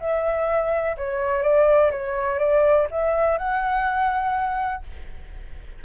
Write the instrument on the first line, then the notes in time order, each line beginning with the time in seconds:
flute
0.00 E5
0.97 C#5
1.43 D5
1.91 C#5
2.39 D5
2.91 E5
3.38 F#5